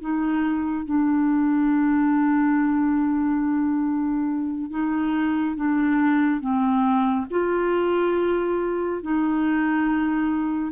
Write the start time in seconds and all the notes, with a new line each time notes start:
0.00 D#4
0.85 D4
4.70 D#4
5.56 D4
6.40 C4
7.30 F4
9.02 D#4